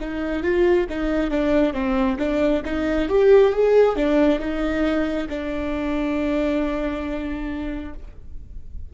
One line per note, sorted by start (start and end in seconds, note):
0.00 0.43 D#4
0.43 0.87 F4
0.89 1.30 D#4
1.30 1.73 D4
1.73 2.17 C4
2.18 2.62 D4
2.64 3.08 D#4
3.08 3.52 G4
3.52 3.95 G#4
3.95 4.39 D4
4.39 5.27 D#4
5.29 7.93 D4